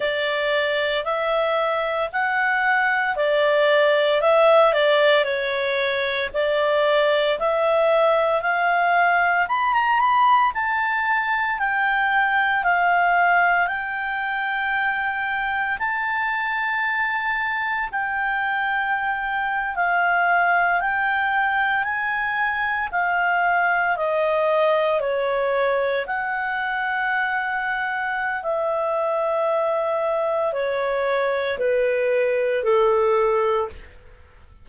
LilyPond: \new Staff \with { instrumentName = "clarinet" } { \time 4/4 \tempo 4 = 57 d''4 e''4 fis''4 d''4 | e''8 d''8 cis''4 d''4 e''4 | f''4 b''16 ais''16 b''8 a''4 g''4 | f''4 g''2 a''4~ |
a''4 g''4.~ g''16 f''4 g''16~ | g''8. gis''4 f''4 dis''4 cis''16~ | cis''8. fis''2~ fis''16 e''4~ | e''4 cis''4 b'4 a'4 | }